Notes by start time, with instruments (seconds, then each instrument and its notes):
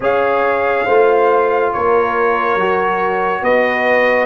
0.00 tuba C#4, trombone G#4, horn C#5, trumpet F5
0.85 tuba A3, trombone F4, horn C5
1.72 tuba A#3, horn A#4, trumpet C#5
2.55 tuba F#3, trombone F#4
3.42 tuba B3, horn B4, trumpet D#5